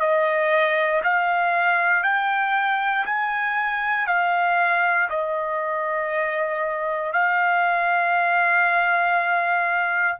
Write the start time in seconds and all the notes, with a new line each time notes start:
0.00 D#5
1.04 F5
2.03 G5
3.06 G#5
4.07 F5
5.10 D#5
7.13 F5